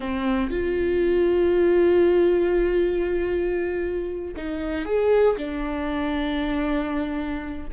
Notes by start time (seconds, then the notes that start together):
0.00 C4
0.50 F4
4.36 D#4
4.85 G#4
5.37 D4